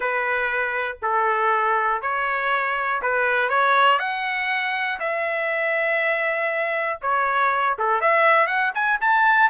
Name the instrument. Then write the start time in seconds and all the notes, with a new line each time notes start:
trumpet
0.00 B4
1.02 A4
2.01 C#5
3.01 B4
3.49 C#5
3.99 F#5
4.99 E5
7.01 C#5
7.78 A4
8.00 E5
8.47 F#5
8.74 G#5
9.00 A5